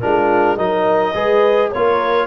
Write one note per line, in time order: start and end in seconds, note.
0.00 0.57 G#3
0.00 0.57 D4
0.00 0.56 F4
0.00 0.57 A#4
0.56 1.14 F#3
0.56 1.14 D#4
0.56 1.13 A#4
0.56 1.70 D#5
1.14 1.70 G#3
1.14 1.71 G#4
1.14 1.70 B4
1.71 2.26 A#3
1.71 2.26 F4
1.71 2.26 A#4
1.71 2.26 C#5